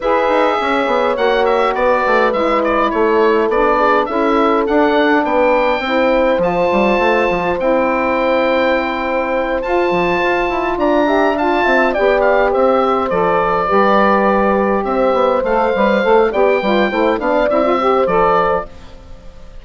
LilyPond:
<<
  \new Staff \with { instrumentName = "oboe" } { \time 4/4 \tempo 4 = 103 e''2 fis''8 e''8 d''4 | e''8 d''8 cis''4 d''4 e''4 | fis''4 g''2 a''4~ | a''4 g''2.~ |
g''8 a''2 ais''4 a''8~ | a''8 g''8 f''8 e''4 d''4.~ | d''4. e''4 f''4. | g''4. f''8 e''4 d''4 | }
  \new Staff \with { instrumentName = "horn" } { \time 4/4 b'4 cis''2 b'4~ | b'4 a'4. gis'8 a'4~ | a'4 b'4 c''2~ | c''1~ |
c''2~ c''8 d''8 e''8 f''8 | e''8 d''4 c''2 b'8~ | b'4. c''2~ c''8 | d''8 b'8 c''8 d''4 c''4. | }
  \new Staff \with { instrumentName = "saxophone" } { \time 4/4 gis'2 fis'2 | e'2 d'4 e'4 | d'2 e'4 f'4~ | f'4 e'2.~ |
e'8 f'2~ f'8 g'8 f'8~ | f'8 g'2 a'4 g'8~ | g'2~ g'8 a'8 b'8 a'8 | g'8 f'8 e'8 d'8 e'16 f'16 g'8 a'4 | }
  \new Staff \with { instrumentName = "bassoon" } { \time 4/4 e'8 dis'8 cis'8 b8 ais4 b8 a8 | gis4 a4 b4 cis'4 | d'4 b4 c'4 f8 g8 | a8 f8 c'2.~ |
c'8 f'8 f8 f'8 e'8 d'4. | c'8 b4 c'4 f4 g8~ | g4. c'8 b8 a8 g8 a8 | b8 g8 a8 b8 c'4 f4 | }
>>